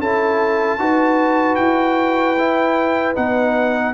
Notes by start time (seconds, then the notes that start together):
0.00 C#4 E4 A4 A5
0.79 D#4 F#4 B4
1.56 E4 G5
2.39 E4
3.15 B3 D#4 F#5